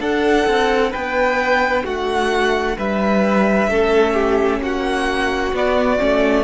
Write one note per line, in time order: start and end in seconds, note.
0.00 0.46 D4
0.00 3.69 D4
0.00 0.91 A4
0.00 0.92 F#5
0.47 0.93 C4
0.91 1.85 B3
0.91 1.83 B4
0.91 1.85 G5
1.84 2.77 A3
1.84 2.77 F#4
1.84 2.77 F#5
2.77 3.68 G3
2.77 3.69 B4
2.77 4.62 E5
3.68 4.60 A3
3.68 5.54 C#4
3.68 4.14 A4
4.14 4.60 G4
4.60 5.52 A#3
4.60 6.44 F#4
4.60 5.55 F#5
5.53 5.99 B3
5.53 6.44 D5
5.99 6.44 A3
5.99 6.44 C#4